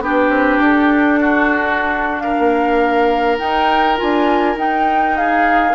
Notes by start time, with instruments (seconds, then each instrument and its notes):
0.00 bassoon B3, clarinet D4, oboe G4, flute B4
0.29 bassoon C4
0.58 bassoon D4, flute A4
1.19 oboe F#4
2.18 oboe A#4, flute F5
2.38 bassoon A#3
3.38 clarinet D#4, bassoon D#4, flute G5
3.97 bassoon D4, clarinet F4, flute G#5
4.56 bassoon D#4, clarinet D#4, flute G5
5.17 oboe G#4, flute F5